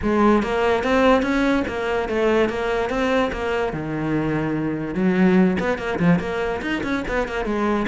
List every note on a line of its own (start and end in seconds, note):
0.02 0.43 G#3
0.43 0.83 A#3
0.83 1.22 C4
1.22 1.63 C#4
1.67 2.08 A#3
2.08 2.49 A3
2.49 2.89 A#3
2.89 3.30 C4
3.32 3.72 A#3
3.72 4.94 D#3
4.94 5.57 F#3
5.59 5.78 B3
5.78 5.98 A#3
5.99 6.19 F3
6.19 6.60 A#3
6.61 6.82 D#4
6.83 7.04 C#4
7.08 7.28 B3
7.28 7.45 A#3
7.45 7.86 G#3